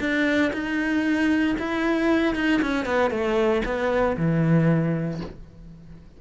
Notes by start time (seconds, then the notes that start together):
0.00 D4
0.53 D#4
1.59 E4
2.35 D#4
2.62 C#4
2.85 B3
3.11 A3
3.65 B3
4.17 E3